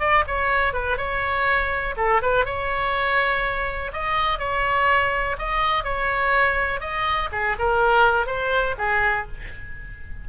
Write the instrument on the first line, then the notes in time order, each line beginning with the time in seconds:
oboe
0.00 D5
0.27 C#5
0.74 B4
0.98 C#5
1.97 A4
2.22 B4
2.45 C#5
3.93 D#5
4.39 C#5
5.39 D#5
5.84 C#5
6.81 D#5
7.32 G#4
7.59 A#4
8.27 C5
8.78 G#4